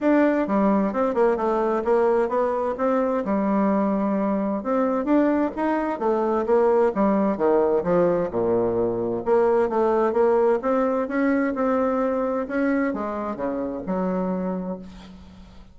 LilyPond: \new Staff \with { instrumentName = "bassoon" } { \time 4/4 \tempo 4 = 130 d'4 g4 c'8 ais8 a4 | ais4 b4 c'4 g4~ | g2 c'4 d'4 | dis'4 a4 ais4 g4 |
dis4 f4 ais,2 | ais4 a4 ais4 c'4 | cis'4 c'2 cis'4 | gis4 cis4 fis2 | }